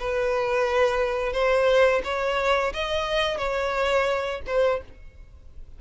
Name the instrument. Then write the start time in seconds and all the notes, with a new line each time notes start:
violin
0.00 B4
1.33 C5
2.04 C#5
2.74 D#5
3.38 C#5
4.47 C5